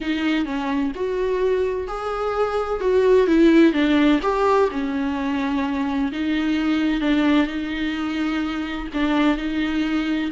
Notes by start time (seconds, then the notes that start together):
0.00 D#4
0.45 C#4
0.95 F#4
1.87 G#4
2.80 F#4
3.27 E4
3.73 D4
4.22 G4
4.71 C#4
6.12 D#4
7.00 D4
7.46 D#4
8.93 D4
9.37 D#4